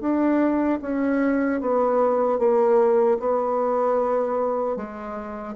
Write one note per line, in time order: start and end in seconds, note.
0.00 0.79 D4
0.81 1.60 C#4
1.60 2.38 B3
2.38 3.17 A#3
3.19 4.76 B3
4.76 5.55 G#3